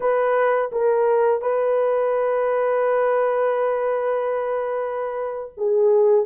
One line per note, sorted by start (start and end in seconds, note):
0.00 0.70 B4
0.71 1.41 A#4
1.41 5.52 B4
5.57 6.25 G#4